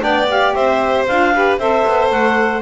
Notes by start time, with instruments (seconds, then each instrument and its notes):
0.00 double bass B3, saxophone D4, violin D5, clarinet G5
0.29 saxophone G4, clarinet F5
0.54 double bass C4, violin C5, clarinet E5
1.07 double bass D4, saxophone F4, clarinet F5
1.34 saxophone G4, violin B4
1.58 double bass C4, saxophone A4, violin C5, clarinet E5
1.85 double bass B3
2.11 double bass A3, clarinet F#5